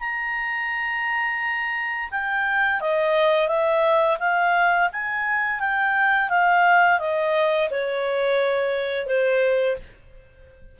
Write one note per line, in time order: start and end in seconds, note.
0.00 2.09 A#5
2.11 2.80 G5
2.80 3.48 D#5
3.48 4.18 E5
4.19 4.89 F5
4.92 5.59 G#5
5.59 6.29 G5
6.29 6.99 F5
6.99 7.69 D#5
7.70 9.06 C#5
9.06 9.76 C5